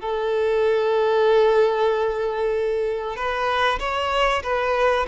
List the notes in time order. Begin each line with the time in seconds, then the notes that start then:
0.00 A4
3.16 B4
3.79 C#5
4.43 B4